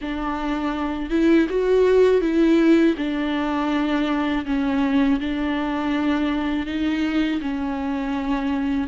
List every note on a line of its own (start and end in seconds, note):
0.01 1.09 D4
1.09 1.46 E4
1.48 2.21 F#4
2.21 2.95 E4
2.97 4.45 D4
4.45 5.19 C#4
5.20 6.66 D4
6.66 7.40 D#4
7.41 8.87 C#4